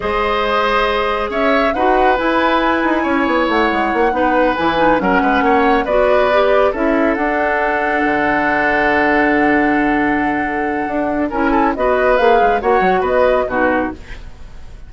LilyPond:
<<
  \new Staff \with { instrumentName = "flute" } { \time 4/4 \tempo 4 = 138 dis''2. e''4 | fis''4 gis''2. | fis''2~ fis''8 gis''4 fis''8~ | fis''4. d''2 e''8~ |
e''8 fis''2.~ fis''8~ | fis''1~ | fis''2 gis''4 dis''4 | f''4 fis''4 dis''4 b'4 | }
  \new Staff \with { instrumentName = "oboe" } { \time 4/4 c''2. cis''4 | b'2. cis''4~ | cis''4. b'2 ais'8 | b'8 cis''4 b'2 a'8~ |
a'1~ | a'1~ | a'2 ais'8 a'8 b'4~ | b'4 cis''4 b'4 fis'4 | }
  \new Staff \with { instrumentName = "clarinet" } { \time 4/4 gis'1 | fis'4 e'2.~ | e'4. dis'4 e'8 dis'8 cis'8~ | cis'4. fis'4 g'4 e'8~ |
e'8 d'2.~ d'8~ | d'1~ | d'2 e'4 fis'4 | gis'4 fis'2 dis'4 | }
  \new Staff \with { instrumentName = "bassoon" } { \time 4/4 gis2. cis'4 | dis'4 e'4. dis'8 cis'8 b8 | a8 gis8 ais8 b4 e4 fis8 | gis8 ais4 b2 cis'8~ |
cis'8 d'2 d4.~ | d1~ | d4 d'4 cis'4 b4 | ais8 gis8 ais8 fis8 b4 b,4 | }
>>